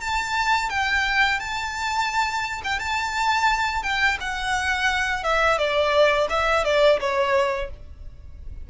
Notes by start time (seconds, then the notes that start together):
0.00 A5
0.69 G5
1.39 A5
2.64 G5
2.79 A5
3.82 G5
4.20 F#5
5.23 E5
5.58 D5
6.29 E5
6.64 D5
7.00 C#5